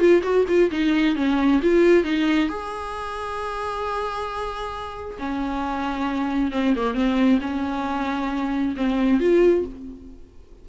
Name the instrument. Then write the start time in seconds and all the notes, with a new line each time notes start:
viola
0.00 F4
0.23 F#4
0.49 F4
0.72 D#4
1.16 C#4
1.63 F4
2.05 D#4
2.49 G#4
5.19 C#4
6.52 C4
6.76 A#3
6.95 C4
7.41 C#4
8.77 C4
9.21 F4